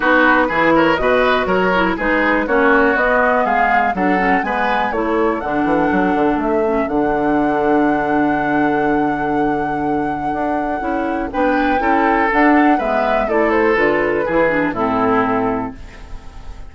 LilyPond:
<<
  \new Staff \with { instrumentName = "flute" } { \time 4/4 \tempo 4 = 122 b'4. cis''8 dis''4 cis''4 | b'4 cis''4 dis''4 f''4 | fis''4 gis''4 cis''4 fis''4~ | fis''4 e''4 fis''2~ |
fis''1~ | fis''2. g''4~ | g''4 fis''4 e''4 d''8 c''8 | b'2 a'2 | }
  \new Staff \with { instrumentName = "oboe" } { \time 4/4 fis'4 gis'8 ais'8 b'4 ais'4 | gis'4 fis'2 gis'4 | a'4 b'4 a'2~ | a'1~ |
a'1~ | a'2. b'4 | a'2 b'4 a'4~ | a'4 gis'4 e'2 | }
  \new Staff \with { instrumentName = "clarinet" } { \time 4/4 dis'4 e'4 fis'4. e'8 | dis'4 cis'4 b2 | d'8 cis'8 b4 e'4 d'4~ | d'4. cis'8 d'2~ |
d'1~ | d'2 e'4 d'4 | e'4 d'4 b4 e'4 | f'4 e'8 d'8 c'2 | }
  \new Staff \with { instrumentName = "bassoon" } { \time 4/4 b4 e4 b,4 fis4 | gis4 ais4 b4 gis4 | fis4 gis4 a4 d8 e8 | fis8 d8 a4 d2~ |
d1~ | d4 d'4 cis'4 b4 | cis'4 d'4 gis4 a4 | d4 e4 a,2 | }
>>